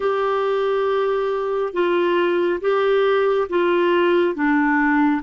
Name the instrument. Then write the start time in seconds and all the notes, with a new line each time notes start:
clarinet
0.00 G4
1.73 F4
2.60 G4
3.49 F4
4.34 D4